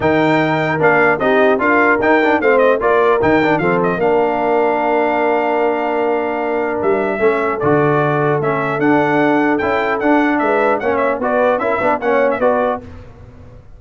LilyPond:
<<
  \new Staff \with { instrumentName = "trumpet" } { \time 4/4 \tempo 4 = 150 g''2 f''4 dis''4 | f''4 g''4 f''8 dis''8 d''4 | g''4 f''8 dis''8 f''2~ | f''1~ |
f''4 e''2 d''4~ | d''4 e''4 fis''2 | g''4 fis''4 e''4 fis''8 e''8 | d''4 e''4 fis''8. e''16 d''4 | }
  \new Staff \with { instrumentName = "horn" } { \time 4/4 ais'2. g'4 | ais'2 c''4 ais'4~ | ais'4 a'4 ais'2~ | ais'1~ |
ais'2 a'2~ | a'1~ | a'2 b'4 cis''4 | b'4 ais'8 b'8 cis''4 b'4 | }
  \new Staff \with { instrumentName = "trombone" } { \time 4/4 dis'2 d'4 dis'4 | f'4 dis'8 d'8 c'4 f'4 | dis'8 d'8 c'4 d'2~ | d'1~ |
d'2 cis'4 fis'4~ | fis'4 cis'4 d'2 | e'4 d'2 cis'4 | fis'4 e'8 d'8 cis'4 fis'4 | }
  \new Staff \with { instrumentName = "tuba" } { \time 4/4 dis2 ais4 c'4 | d'4 dis'4 a4 ais4 | dis4 f4 ais2~ | ais1~ |
ais4 g4 a4 d4~ | d4 a4 d'2 | cis'4 d'4 gis4 ais4 | b4 cis'8 b8 ais4 b4 | }
>>